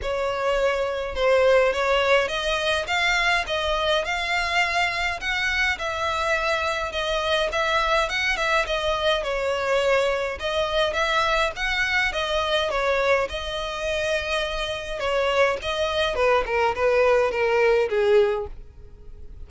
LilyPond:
\new Staff \with { instrumentName = "violin" } { \time 4/4 \tempo 4 = 104 cis''2 c''4 cis''4 | dis''4 f''4 dis''4 f''4~ | f''4 fis''4 e''2 | dis''4 e''4 fis''8 e''8 dis''4 |
cis''2 dis''4 e''4 | fis''4 dis''4 cis''4 dis''4~ | dis''2 cis''4 dis''4 | b'8 ais'8 b'4 ais'4 gis'4 | }